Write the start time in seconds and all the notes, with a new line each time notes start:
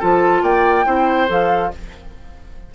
0.00 F3 F4 A4 A5
0.43 A#3 D5 G5
0.85 C4 E4 C5
1.28 F3 A4 F5